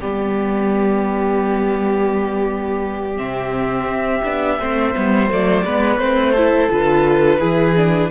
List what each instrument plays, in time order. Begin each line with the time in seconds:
0.00 cello G3, viola B3, violin G4 D5
3.16 cello C3, viola C4, violin E5
3.85 cello C4
4.24 cello B3, viola D4
4.58 cello A3, viola C4, violin C5
4.94 cello G3, viola B3
5.29 cello F#3, viola A3, violin D5
5.62 cello G#3, viola B3, violin B4
5.97 cello A3, viola C4, violin C5
6.32 viola E4, violin A4
6.69 cello D3, viola F4, violin B4
7.39 cello E3, viola E4, violin G#4
7.76 viola D4